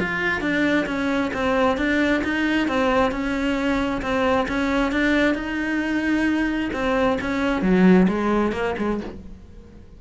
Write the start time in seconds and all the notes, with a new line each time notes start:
0.00 F4
0.41 D4
0.86 C#4
1.33 C4
1.77 D4
2.24 D#4
2.68 C4
3.11 C#4
4.02 C4
4.48 C#4
4.92 D4
5.35 D#4
6.73 C4
7.21 C#4
7.62 F#3
8.08 G#3
8.52 A#3
8.78 G#3